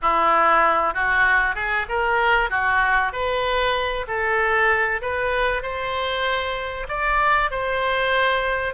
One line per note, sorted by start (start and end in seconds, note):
0.02 0.94 E4
0.94 1.55 F#4
1.55 1.86 G#4
1.88 2.50 A#4
2.50 3.12 F#4
3.12 4.06 B4
4.07 5.01 A4
5.01 5.62 B4
5.62 6.87 C5
6.88 7.50 D5
7.50 8.73 C5